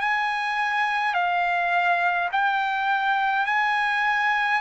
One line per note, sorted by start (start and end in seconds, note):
0.00 1.14 G#5
1.14 2.29 F5
2.32 3.46 G5
3.46 4.61 G#5